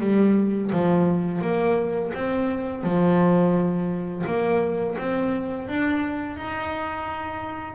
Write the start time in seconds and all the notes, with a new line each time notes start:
0.00 G3
0.73 F3
1.41 A#3
2.14 C4
2.83 F3
4.26 A#3
4.98 C4
5.69 D4
6.37 D#4